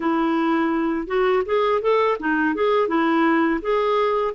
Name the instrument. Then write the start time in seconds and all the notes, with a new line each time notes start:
clarinet
0.00 E4
1.07 F#4
1.45 G#4
1.81 A4
2.19 D#4
2.54 G#4
2.88 E4
3.61 G#4